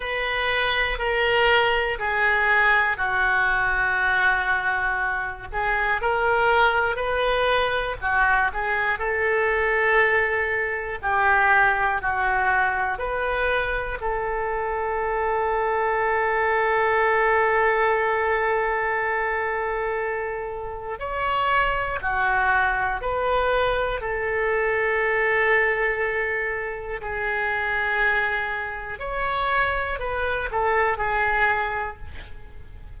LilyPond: \new Staff \with { instrumentName = "oboe" } { \time 4/4 \tempo 4 = 60 b'4 ais'4 gis'4 fis'4~ | fis'4. gis'8 ais'4 b'4 | fis'8 gis'8 a'2 g'4 | fis'4 b'4 a'2~ |
a'1~ | a'4 cis''4 fis'4 b'4 | a'2. gis'4~ | gis'4 cis''4 b'8 a'8 gis'4 | }